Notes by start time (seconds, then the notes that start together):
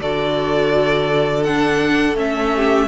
0.00 D3 F#4 A4 D5
1.44 D4 F#5
2.15 A3 C#4 E5
2.55 G4